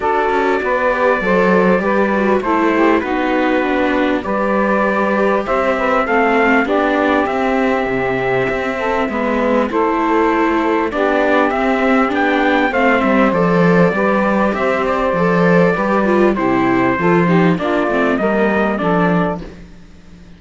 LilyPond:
<<
  \new Staff \with { instrumentName = "trumpet" } { \time 4/4 \tempo 4 = 99 d''1 | c''4 b'2 d''4~ | d''4 e''4 f''4 d''4 | e''1 |
c''2 d''4 e''4 | g''4 f''8 e''8 d''2 | e''8 d''2~ d''8 c''4~ | c''4 d''4 dis''4 d''4 | }
  \new Staff \with { instrumentName = "saxophone" } { \time 4/4 a'4 b'4 c''4 b'4 | a'8 g'8 fis'2 b'4~ | b'4 c''8 b'8 a'4 g'4~ | g'2~ g'8 a'8 b'4 |
a'2 g'2~ | g'4 c''2 b'4 | c''2 b'4 g'4 | a'8 g'8 f'4 ais'4 a'4 | }
  \new Staff \with { instrumentName = "viola" } { \time 4/4 fis'4. g'8 a'4 g'8 fis'8 | e'4 dis'4 d'4 g'4~ | g'2 c'4 d'4 | c'2. b4 |
e'2 d'4 c'4 | d'4 c'4 a'4 g'4~ | g'4 a'4 g'8 f'8 e'4 | f'8 dis'8 d'8 c'8 ais4 d'4 | }
  \new Staff \with { instrumentName = "cello" } { \time 4/4 d'8 cis'8 b4 fis4 g4 | a4 b2 g4~ | g4 c'4 a4 b4 | c'4 c4 c'4 gis4 |
a2 b4 c'4 | b4 a8 g8 f4 g4 | c'4 f4 g4 c4 | f4 ais8 a8 g4 f4 | }
>>